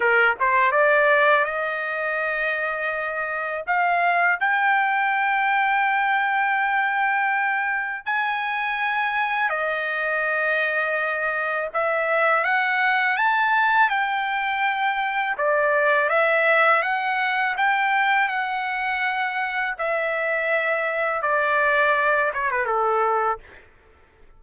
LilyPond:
\new Staff \with { instrumentName = "trumpet" } { \time 4/4 \tempo 4 = 82 ais'8 c''8 d''4 dis''2~ | dis''4 f''4 g''2~ | g''2. gis''4~ | gis''4 dis''2. |
e''4 fis''4 a''4 g''4~ | g''4 d''4 e''4 fis''4 | g''4 fis''2 e''4~ | e''4 d''4. cis''16 b'16 a'4 | }